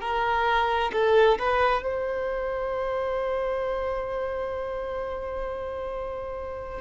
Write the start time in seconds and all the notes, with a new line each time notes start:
0.00 A#4
0.93 A4
1.38 B4
1.82 C5